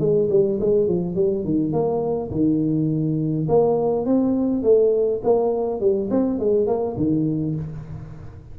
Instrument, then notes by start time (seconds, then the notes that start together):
tuba
0.00 G#3
0.30 G3
0.61 G#3
0.88 F3
1.16 G3
1.45 D#3
1.73 A#3
2.31 D#3
3.49 A#3
4.06 C4
4.63 A3
5.24 A#3
5.81 G3
6.11 C4
6.40 G#3
6.67 A#3
6.97 D#3